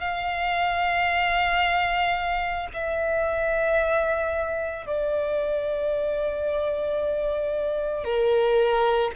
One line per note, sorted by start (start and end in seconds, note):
0.00 2.68 F5
2.74 4.87 E5
4.87 8.04 D5
8.04 9.11 A#4